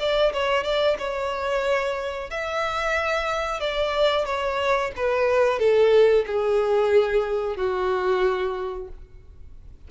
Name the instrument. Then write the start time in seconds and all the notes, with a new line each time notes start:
violin
0.00 D5
0.34 C#5
0.64 D5
0.99 C#5
2.31 E5
3.61 D5
4.26 C#5
4.97 B4
5.60 A4
6.27 G#4
7.57 F#4